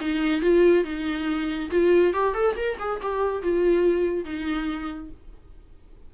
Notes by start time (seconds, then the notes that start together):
0.00 D#4
0.41 F4
0.84 D#4
1.70 F4
2.13 G4
2.34 A4
2.56 A#4
2.79 G#4
3.02 G4
3.42 F4
4.24 D#4